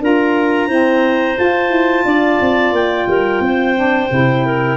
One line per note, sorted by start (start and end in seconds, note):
0.00 0.68 D4
0.00 0.68 F4
0.00 0.68 A#4
0.00 1.37 A#5
0.68 1.36 C4
0.68 1.36 E4
0.68 2.04 C5
1.36 3.75 F4
1.36 1.69 F4
1.36 2.74 A5
1.69 2.03 E4
2.05 2.39 D4
2.05 3.08 D5
2.41 2.72 C4
2.72 3.06 A#3
2.72 4.77 G5
3.08 3.40 G3
3.08 3.43 A#4
3.40 4.08 C4
3.40 4.46 C5
3.75 4.09 D4
4.09 4.77 C3
4.09 4.77 E4
4.46 4.77 A#4